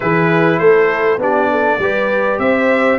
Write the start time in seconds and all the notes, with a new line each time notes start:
0.00 E3 E4 G#4 B4
0.58 A3 A4 C5
1.17 B3 D4 G4 D5
1.50 A4
1.79 G3 G4 B4
2.38 C4 C5 E5